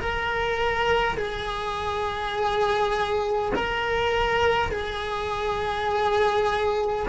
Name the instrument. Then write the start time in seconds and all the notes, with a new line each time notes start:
cello
0.00 A#4
1.17 G#4
3.55 A#4
4.72 G#4